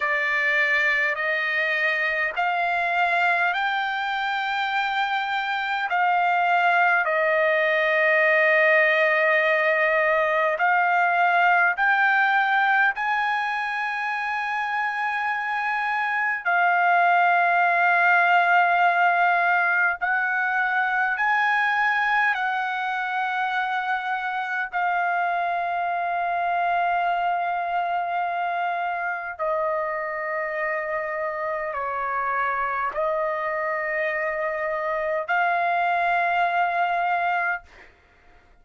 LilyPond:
\new Staff \with { instrumentName = "trumpet" } { \time 4/4 \tempo 4 = 51 d''4 dis''4 f''4 g''4~ | g''4 f''4 dis''2~ | dis''4 f''4 g''4 gis''4~ | gis''2 f''2~ |
f''4 fis''4 gis''4 fis''4~ | fis''4 f''2.~ | f''4 dis''2 cis''4 | dis''2 f''2 | }